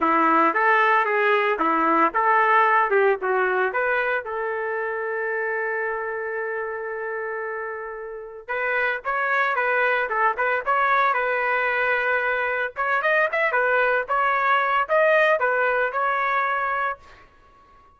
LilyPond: \new Staff \with { instrumentName = "trumpet" } { \time 4/4 \tempo 4 = 113 e'4 a'4 gis'4 e'4 | a'4. g'8 fis'4 b'4 | a'1~ | a'1 |
b'4 cis''4 b'4 a'8 b'8 | cis''4 b'2. | cis''8 dis''8 e''8 b'4 cis''4. | dis''4 b'4 cis''2 | }